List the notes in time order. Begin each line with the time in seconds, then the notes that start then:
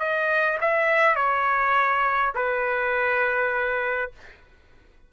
0.00 D#5
0.61 E5
1.16 C#5
2.35 B4